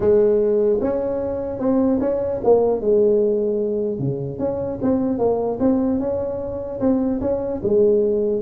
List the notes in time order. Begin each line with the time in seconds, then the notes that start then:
0.00 G#3
0.81 C#4
1.59 C4
2.00 C#4
2.44 A#3
2.80 G#3
3.98 C#3
4.39 C#4
4.82 C4
5.18 A#3
5.59 C4
5.99 C#4
6.80 C4
7.21 C#4
7.63 G#3